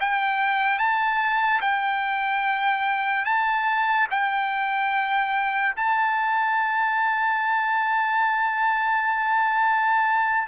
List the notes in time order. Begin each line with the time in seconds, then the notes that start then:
0.00 G5
0.79 A5
1.61 G5
3.25 A5
4.11 G5
5.76 A5